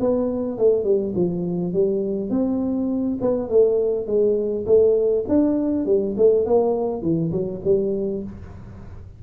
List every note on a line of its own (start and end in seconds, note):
0.00 0.58 B3
0.58 0.84 A3
0.84 1.13 G3
1.15 1.73 F3
1.73 2.30 G3
2.30 3.18 C4
3.21 3.49 B3
3.49 4.06 A3
4.06 4.65 G#3
4.66 5.25 A3
5.28 5.86 D4
5.86 6.15 G3
6.17 6.45 A3
6.45 7.02 A#3
7.02 7.31 E3
7.31 7.61 F#3
7.64 8.23 G3